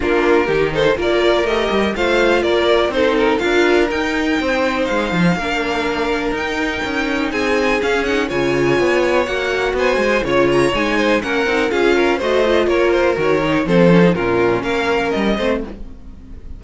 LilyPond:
<<
  \new Staff \with { instrumentName = "violin" } { \time 4/4 \tempo 4 = 123 ais'4. c''8 d''4 dis''4 | f''4 d''4 c''8 ais'8 f''4 | g''2 f''2~ | f''4 g''2 gis''4 |
f''8 fis''8 gis''2 fis''4 | gis''4 cis''8 ais''8 gis''4 fis''4 | f''4 dis''4 cis''8 c''8 cis''4 | c''4 ais'4 f''4 dis''4 | }
  \new Staff \with { instrumentName = "violin" } { \time 4/4 f'4 g'8 a'8 ais'2 | c''4 ais'4 a'4 ais'4~ | ais'4 c''2 ais'4~ | ais'2. gis'4~ |
gis'4 cis''2. | c''4 cis''4. c''8 ais'4 | gis'8 ais'8 c''4 ais'2 | a'4 f'4 ais'4. c''8 | }
  \new Staff \with { instrumentName = "viola" } { \time 4/4 d'4 dis'4 f'4 g'4 | f'2 dis'4 f'4 | dis'2. d'4~ | d'4 dis'2. |
cis'8 dis'8 f'2 fis'4~ | fis'4 f'4 dis'4 cis'8 dis'8 | f'4 fis'8 f'4. fis'8 dis'8 | c'8 cis'16 dis'16 cis'2~ cis'8 c'8 | }
  \new Staff \with { instrumentName = "cello" } { \time 4/4 ais4 dis4 ais4 a8 g8 | a4 ais4 c'4 d'4 | dis'4 c'4 gis8 f8 ais4~ | ais4 dis'4 cis'4 c'4 |
cis'4 cis4 b4 ais4 | b8 gis8 cis4 gis4 ais8 c'8 | cis'4 a4 ais4 dis4 | f4 ais,4 ais4 g8 a8 | }
>>